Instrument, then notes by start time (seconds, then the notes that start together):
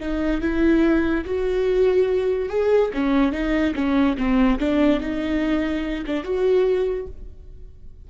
viola
0.00 D#4
0.41 E4
1.25 F#4
2.49 G#4
2.94 C#4
3.32 D#4
3.75 C#4
4.17 C4
4.59 D4
5.00 D#4
6.06 D4
6.24 F#4